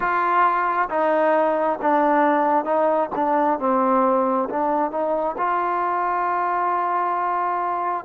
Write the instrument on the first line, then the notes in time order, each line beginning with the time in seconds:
trombone
0.00 F4
0.89 D#4
1.81 D4
2.64 D#4
3.15 D4
3.59 C4
4.49 D4
4.91 D#4
5.37 F4